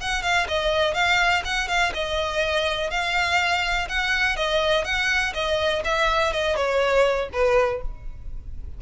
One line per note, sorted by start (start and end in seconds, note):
0.00 0.22 F#5
0.22 0.46 F5
0.48 0.94 D#5
0.94 1.42 F5
1.45 1.67 F#5
1.67 1.92 F5
1.94 2.90 D#5
2.90 3.87 F5
3.88 4.36 F#5
4.36 4.84 D#5
4.84 5.33 F#5
5.34 5.82 D#5
5.84 6.32 E5
6.32 6.56 D#5
6.56 7.29 C#5
7.32 7.81 B4